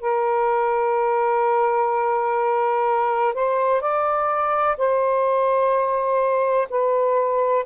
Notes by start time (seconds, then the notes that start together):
0.00 A#4
3.33 C5
3.81 D5
4.77 C5
6.69 B4